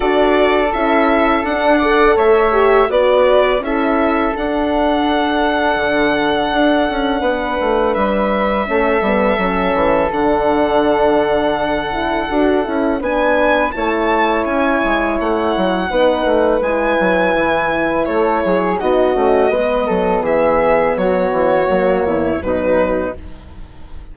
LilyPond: <<
  \new Staff \with { instrumentName = "violin" } { \time 4/4 \tempo 4 = 83 d''4 e''4 fis''4 e''4 | d''4 e''4 fis''2~ | fis''2. e''4~ | e''2 fis''2~ |
fis''2 gis''4 a''4 | gis''4 fis''2 gis''4~ | gis''4 cis''4 dis''2 | e''4 cis''2 b'4 | }
  \new Staff \with { instrumentName = "flute" } { \time 4/4 a'2~ a'8 d''8 cis''4 | b'4 a'2.~ | a'2 b'2 | a'1~ |
a'2 b'4 cis''4~ | cis''2 b'2~ | b'4 a'8 gis'8 fis'4 b'8 a'8 | gis'4 fis'4. e'8 dis'4 | }
  \new Staff \with { instrumentName = "horn" } { \time 4/4 fis'4 e'4 d'8 a'4 g'8 | fis'4 e'4 d'2~ | d'1 | cis'8 b8 cis'4 d'2~ |
d'8 e'8 fis'8 e'8 d'4 e'4~ | e'2 dis'4 e'4~ | e'2 dis'8 cis'8 b4~ | b2 ais4 fis4 | }
  \new Staff \with { instrumentName = "bassoon" } { \time 4/4 d'4 cis'4 d'4 a4 | b4 cis'4 d'2 | d4 d'8 cis'8 b8 a8 g4 | a8 g8 fis8 e8 d2~ |
d4 d'8 cis'8 b4 a4 | cis'8 gis8 a8 fis8 b8 a8 gis8 fis8 | e4 a8 fis8 b8 a8 gis8 fis8 | e4 fis8 e8 fis8 e,8 b,4 | }
>>